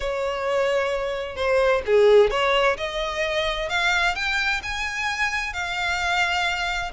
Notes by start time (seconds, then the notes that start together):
0.00 C#5
1.36 C5
1.86 G#4
2.30 C#5
2.77 D#5
3.69 F5
4.15 G5
4.62 G#5
5.53 F5